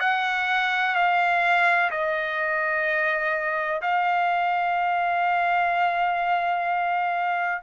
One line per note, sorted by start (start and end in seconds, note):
0.00 0.95 F#5
0.96 1.91 F5
1.91 3.81 D#5
3.82 7.63 F5